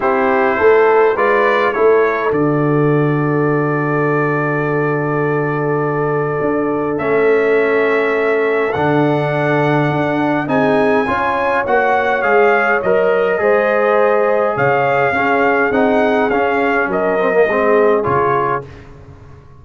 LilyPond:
<<
  \new Staff \with { instrumentName = "trumpet" } { \time 4/4 \tempo 4 = 103 c''2 d''4 cis''4 | d''1~ | d''1 | e''2. fis''4~ |
fis''2 gis''2 | fis''4 f''4 dis''2~ | dis''4 f''2 fis''4 | f''4 dis''2 cis''4 | }
  \new Staff \with { instrumentName = "horn" } { \time 4/4 g'4 a'4 b'4 a'4~ | a'1~ | a'1~ | a'1~ |
a'2 gis'4 cis''4~ | cis''2. c''4~ | c''4 cis''4 gis'2~ | gis'4 ais'4 gis'2 | }
  \new Staff \with { instrumentName = "trombone" } { \time 4/4 e'2 f'4 e'4 | fis'1~ | fis'1 | cis'2. d'4~ |
d'2 dis'4 f'4 | fis'4 gis'4 ais'4 gis'4~ | gis'2 cis'4 dis'4 | cis'4. c'16 ais16 c'4 f'4 | }
  \new Staff \with { instrumentName = "tuba" } { \time 4/4 c'4 a4 gis4 a4 | d1~ | d2. d'4 | a2. d4~ |
d4 d'4 c'4 cis'4 | ais4 gis4 fis4 gis4~ | gis4 cis4 cis'4 c'4 | cis'4 fis4 gis4 cis4 | }
>>